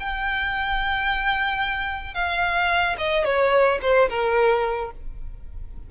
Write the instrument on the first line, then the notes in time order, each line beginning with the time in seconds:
violin
0.00 G5
2.14 F5
2.98 D#5
3.25 C#5
3.82 C5
4.09 A#4